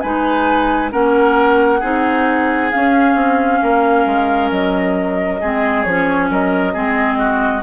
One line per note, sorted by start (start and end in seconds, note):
0.00 0.93 G#3
0.00 0.90 D#4
0.00 0.91 B4
0.00 0.90 G#5
0.90 1.82 A#3
0.90 1.80 C#4
0.90 1.79 A#4
0.90 2.71 F#5
1.79 2.71 C4
1.79 2.71 D#4
1.79 3.58 G#4
2.71 5.40 C#4
2.71 3.14 C#4
2.71 4.50 F5
3.14 3.59 C4
3.62 4.05 A#3
3.62 5.40 A#4
4.05 4.50 G#3
4.50 5.40 F#3
4.50 5.83 D#5
5.40 5.85 G#3
5.40 5.86 C4
5.40 6.29 G#4
5.83 6.29 F3
5.83 6.73 C#4
5.83 6.27 C#5
6.29 6.74 F#3
6.29 6.73 A#4
6.29 7.62 D#5
6.73 7.62 G#3
6.73 7.62 C4
6.73 7.18 G#4
7.18 7.62 F#4